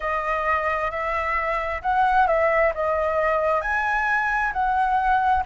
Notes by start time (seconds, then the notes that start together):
0.00 D#5
0.90 E5
1.81 F#5
2.27 E5
2.74 D#5
3.61 G#5
4.52 F#5